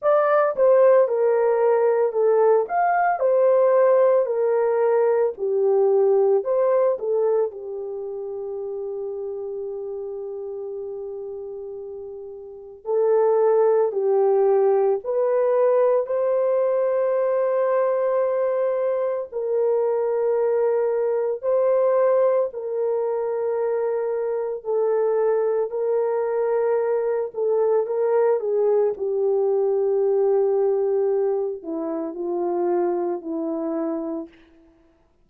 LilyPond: \new Staff \with { instrumentName = "horn" } { \time 4/4 \tempo 4 = 56 d''8 c''8 ais'4 a'8 f''8 c''4 | ais'4 g'4 c''8 a'8 g'4~ | g'1 | a'4 g'4 b'4 c''4~ |
c''2 ais'2 | c''4 ais'2 a'4 | ais'4. a'8 ais'8 gis'8 g'4~ | g'4. e'8 f'4 e'4 | }